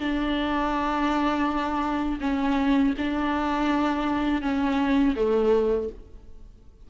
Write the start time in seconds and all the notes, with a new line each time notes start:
0.00 D4
2.21 C#4
2.98 D4
4.42 C#4
5.16 A3